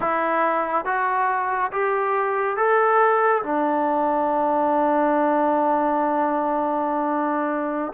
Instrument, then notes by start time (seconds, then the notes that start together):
trombone
0.00 E4
0.85 F#4
1.72 G4
2.56 A4
3.42 D4